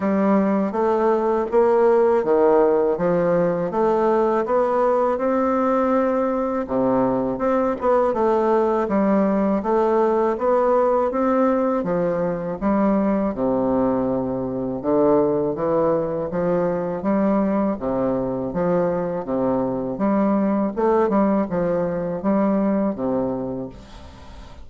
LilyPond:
\new Staff \with { instrumentName = "bassoon" } { \time 4/4 \tempo 4 = 81 g4 a4 ais4 dis4 | f4 a4 b4 c'4~ | c'4 c4 c'8 b8 a4 | g4 a4 b4 c'4 |
f4 g4 c2 | d4 e4 f4 g4 | c4 f4 c4 g4 | a8 g8 f4 g4 c4 | }